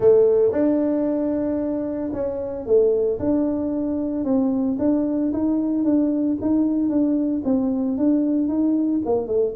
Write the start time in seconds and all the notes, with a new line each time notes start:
0.00 A3
0.51 D4
2.12 C#4
2.65 A3
3.19 D4
4.24 C4
4.78 D4
5.32 D#4
5.84 D4
6.41 D#4
6.89 D4
7.44 C4
7.97 D4
8.48 D#4
9.05 A#3
9.27 A3